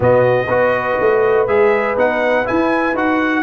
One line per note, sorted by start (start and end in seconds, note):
0.00 0.47 B2
0.00 0.47 B3
0.00 0.45 F#4
0.00 1.47 D#5
0.47 0.97 B3
0.47 1.48 F#4
0.47 3.42 B4
1.00 1.47 A3
1.47 1.96 G#3
1.47 1.97 G#4
1.47 1.96 E5
1.96 2.46 B3
1.96 2.45 D#4
1.96 2.47 F#5
2.45 2.94 E4
2.45 2.96 G#5
2.94 3.42 D#4
2.94 3.42 F#4
2.94 3.42 F#5